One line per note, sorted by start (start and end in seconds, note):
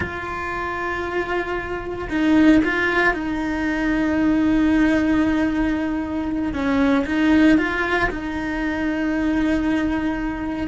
0.00 2.08 F4
2.09 2.61 D#4
2.64 3.13 F4
3.13 6.52 D#4
6.53 7.05 C#4
7.05 7.57 D#4
7.57 8.09 F4
8.09 10.67 D#4